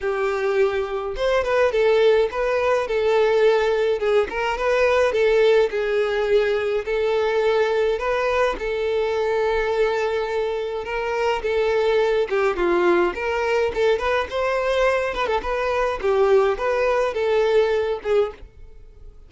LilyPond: \new Staff \with { instrumentName = "violin" } { \time 4/4 \tempo 4 = 105 g'2 c''8 b'8 a'4 | b'4 a'2 gis'8 ais'8 | b'4 a'4 gis'2 | a'2 b'4 a'4~ |
a'2. ais'4 | a'4. g'8 f'4 ais'4 | a'8 b'8 c''4. b'16 a'16 b'4 | g'4 b'4 a'4. gis'8 | }